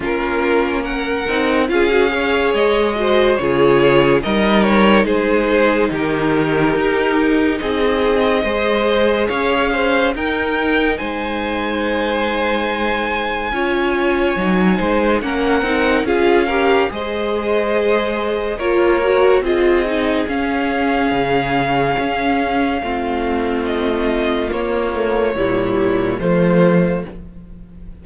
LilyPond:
<<
  \new Staff \with { instrumentName = "violin" } { \time 4/4 \tempo 4 = 71 ais'4 fis''4 f''4 dis''4 | cis''4 dis''8 cis''8 c''4 ais'4~ | ais'4 dis''2 f''4 | g''4 gis''2.~ |
gis''2 fis''4 f''4 | dis''2 cis''4 dis''4 | f''1 | dis''4 cis''2 c''4 | }
  \new Staff \with { instrumentName = "violin" } { \time 4/4 f'4 ais'4 gis'8 cis''4 c''8 | gis'4 ais'4 gis'4 g'4~ | g'4 gis'4 c''4 cis''8 c''8 | ais'4 c''2. |
cis''4. c''8 ais'4 gis'8 ais'8 | c''2 ais'4 gis'4~ | gis'2. f'4~ | f'2 e'4 f'4 | }
  \new Staff \with { instrumentName = "viola" } { \time 4/4 cis'4. dis'8 f'16 fis'16 gis'4 fis'8 | f'4 dis'2.~ | dis'2 gis'2 | dis'1 |
f'4 dis'4 cis'8 dis'8 f'8 g'8 | gis'2 f'8 fis'8 f'8 dis'8 | cis'2. c'4~ | c'4 ais8 a8 g4 a4 | }
  \new Staff \with { instrumentName = "cello" } { \time 4/4 ais4. c'8 cis'4 gis4 | cis4 g4 gis4 dis4 | dis'4 c'4 gis4 cis'4 | dis'4 gis2. |
cis'4 fis8 gis8 ais8 c'8 cis'4 | gis2 ais4 c'4 | cis'4 cis4 cis'4 a4~ | a4 ais4 ais,4 f4 | }
>>